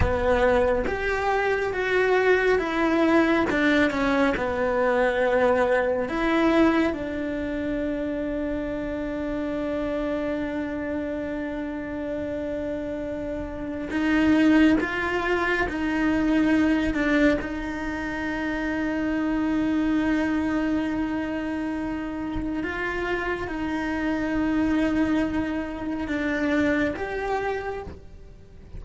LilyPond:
\new Staff \with { instrumentName = "cello" } { \time 4/4 \tempo 4 = 69 b4 g'4 fis'4 e'4 | d'8 cis'8 b2 e'4 | d'1~ | d'1 |
dis'4 f'4 dis'4. d'8 | dis'1~ | dis'2 f'4 dis'4~ | dis'2 d'4 g'4 | }